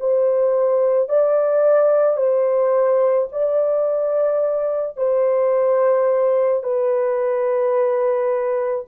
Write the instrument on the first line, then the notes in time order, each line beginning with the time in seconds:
horn
0.00 C5
1.09 D5
2.17 C5
3.32 D5
4.97 C5
6.63 B4